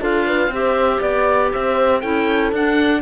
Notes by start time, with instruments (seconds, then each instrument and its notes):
0.00 cello D4, clarinet F4, horn A4, oboe F5
0.25 horn B4
0.47 cello C4, clarinet G4, horn C5
0.54 oboe E5
1.00 cello B3, horn D5, oboe D5
1.52 cello C4, horn C5, oboe E5
1.99 cello C#4, clarinet E4, horn A4, oboe G5
2.52 cello D4, clarinet D4, oboe F#5